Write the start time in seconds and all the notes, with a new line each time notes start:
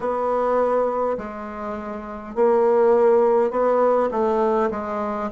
0.00 B3
1.17 G#3
2.35 A#3
3.50 B3
4.11 A3
4.71 G#3